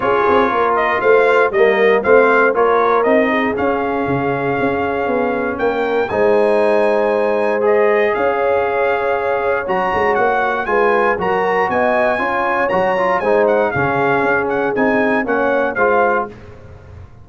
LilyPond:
<<
  \new Staff \with { instrumentName = "trumpet" } { \time 4/4 \tempo 4 = 118 cis''4. dis''8 f''4 dis''4 | f''4 cis''4 dis''4 f''4~ | f''2. g''4 | gis''2. dis''4 |
f''2. ais''4 | fis''4 gis''4 ais''4 gis''4~ | gis''4 ais''4 gis''8 fis''8 f''4~ | f''8 fis''8 gis''4 fis''4 f''4 | }
  \new Staff \with { instrumentName = "horn" } { \time 4/4 gis'4 ais'4 c''4 ais'4 | c''4 ais'4. gis'4.~ | gis'2. ais'4 | c''1 |
cis''1~ | cis''4 b'4 ais'4 dis''4 | cis''2 c''4 gis'4~ | gis'2 cis''4 c''4 | }
  \new Staff \with { instrumentName = "trombone" } { \time 4/4 f'2. ais4 | c'4 f'4 dis'4 cis'4~ | cis'1 | dis'2. gis'4~ |
gis'2. fis'4~ | fis'4 f'4 fis'2 | f'4 fis'8 f'8 dis'4 cis'4~ | cis'4 dis'4 cis'4 f'4 | }
  \new Staff \with { instrumentName = "tuba" } { \time 4/4 cis'8 c'8 ais4 a4 g4 | a4 ais4 c'4 cis'4 | cis4 cis'4 b4 ais4 | gis1 |
cis'2. fis8 gis8 | ais4 gis4 fis4 b4 | cis'4 fis4 gis4 cis4 | cis'4 c'4 ais4 gis4 | }
>>